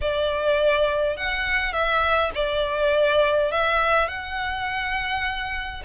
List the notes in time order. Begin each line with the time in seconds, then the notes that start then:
0.01 D5
1.17 F#5
1.72 E5
2.35 D5
3.51 E5
4.08 F#5